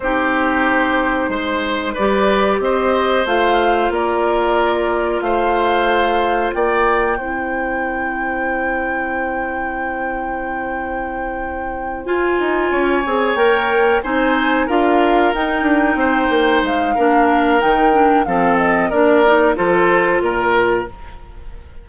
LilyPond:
<<
  \new Staff \with { instrumentName = "flute" } { \time 4/4 \tempo 4 = 92 c''2. d''4 | dis''4 f''4 d''2 | f''2 g''2~ | g''1~ |
g''2~ g''8 gis''4.~ | gis''8 g''4 gis''4 f''4 g''8~ | g''4. f''4. g''4 | f''8 dis''8 d''4 c''4 ais'4 | }
  \new Staff \with { instrumentName = "oboe" } { \time 4/4 g'2 c''4 b'4 | c''2 ais'2 | c''2 d''4 c''4~ | c''1~ |
c''2.~ c''8 cis''8~ | cis''4. c''4 ais'4.~ | ais'8 c''4. ais'2 | a'4 ais'4 a'4 ais'4 | }
  \new Staff \with { instrumentName = "clarinet" } { \time 4/4 dis'2. g'4~ | g'4 f'2.~ | f'2. e'4~ | e'1~ |
e'2~ e'8 f'4. | gis'8 ais'4 dis'4 f'4 dis'8~ | dis'2 d'4 dis'8 d'8 | c'4 d'8 dis'8 f'2 | }
  \new Staff \with { instrumentName = "bassoon" } { \time 4/4 c'2 gis4 g4 | c'4 a4 ais2 | a2 ais4 c'4~ | c'1~ |
c'2~ c'8 f'8 dis'8 cis'8 | c'8 ais4 c'4 d'4 dis'8 | d'8 c'8 ais8 gis8 ais4 dis4 | f4 ais4 f4 ais,4 | }
>>